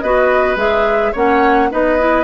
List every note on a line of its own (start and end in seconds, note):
0.00 0.56 B3
0.00 0.57 F#4
0.00 1.13 B4
0.00 0.56 D#5
0.56 1.12 G#3
0.56 1.13 G#4
0.56 1.14 E5
1.13 1.72 A#3
1.13 1.70 C#4
1.13 1.69 C#5
1.13 1.72 F#5
1.70 2.24 B3
1.70 1.98 D#4
1.70 2.24 B4
1.70 2.24 D#5
1.99 2.24 E4